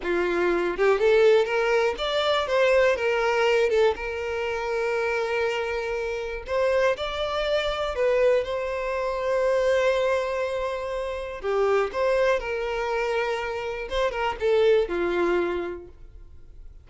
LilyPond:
\new Staff \with { instrumentName = "violin" } { \time 4/4 \tempo 4 = 121 f'4. g'8 a'4 ais'4 | d''4 c''4 ais'4. a'8 | ais'1~ | ais'4 c''4 d''2 |
b'4 c''2.~ | c''2. g'4 | c''4 ais'2. | c''8 ais'8 a'4 f'2 | }